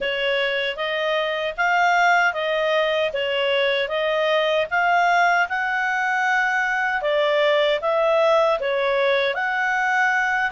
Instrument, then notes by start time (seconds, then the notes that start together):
clarinet
0.00 C#5
0.76 D#5
1.57 F5
2.33 D#5
3.13 C#5
3.88 D#5
4.70 F5
5.48 F#5
7.01 D5
7.81 E5
8.59 C#5
9.34 F#5